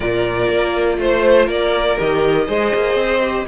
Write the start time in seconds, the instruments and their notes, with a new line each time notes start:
0.00 cello A#2, viola F4, violin A#4 D5
0.49 cello A#3
0.98 cello A3, violin C5
1.45 cello A#3, violin A#4 D5
1.97 cello D#3, viola G4, violin D#5
2.46 cello G#3, viola G#4, violin C5
2.74 cello A#3
2.94 cello C4
3.21 viola G4